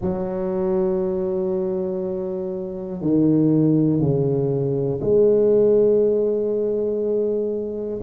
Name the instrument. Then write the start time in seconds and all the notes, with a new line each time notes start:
tuba
0.01 F#3
3.01 D#3
4.00 C#3
5.00 G#3